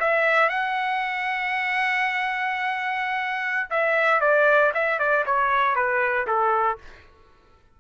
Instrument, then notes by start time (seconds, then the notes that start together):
trumpet
0.00 E5
0.49 F#5
3.70 E5
4.21 D5
4.74 E5
4.99 D5
5.26 C#5
5.75 B4
6.27 A4